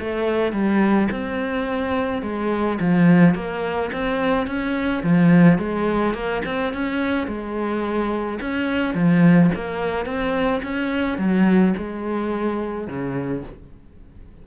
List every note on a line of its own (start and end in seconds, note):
0.00 0.53 A3
0.53 1.09 G3
1.11 2.23 C4
2.23 2.79 G#3
2.80 3.35 F3
3.35 3.91 A#3
3.93 4.47 C4
4.47 5.03 C#4
5.03 5.59 F3
5.59 6.14 G#3
6.14 6.42 A#3
6.45 6.73 C4
6.74 7.27 C#4
7.27 8.39 G#3
8.41 8.95 C#4
8.95 9.51 F3
9.55 10.06 A#3
10.06 10.62 C4
10.64 11.18 C#4
11.18 11.74 F#3
11.77 12.88 G#3
12.88 13.44 C#3